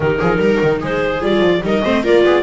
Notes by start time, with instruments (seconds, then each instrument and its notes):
0.00 double bass D#3, viola D#4 G4, clarinet A#4
0.19 double bass F3, viola G#4
0.37 double bass G3, viola A#4
0.62 double bass D#3
0.79 double bass G#3, viola G#4, clarinet C5
1.20 double bass G3, viola F4, clarinet D5
1.40 double bass F3
1.61 double bass G3, viola D#4 A#4, clarinet D#5
1.84 double bass A3, viola C4 C5
2.03 double bass A#3, viola F4 A#4, clarinet D5
2.23 double bass B3, viola G#4